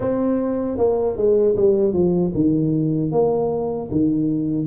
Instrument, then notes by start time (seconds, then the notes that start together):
tuba
0.00 C4
0.77 A#3
1.17 G#3
1.55 G3
1.93 F3
2.34 D#3
3.11 A#3
3.91 D#3